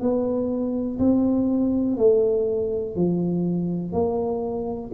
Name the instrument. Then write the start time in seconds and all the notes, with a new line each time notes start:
tuba
0.00 B3
0.99 C4
1.97 A3
2.96 F3
3.93 A#3